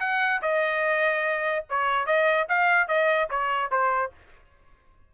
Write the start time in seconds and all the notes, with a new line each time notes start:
0.00 F#5
0.42 D#5
1.69 C#5
2.06 D#5
2.49 F5
2.88 D#5
3.30 C#5
3.71 C5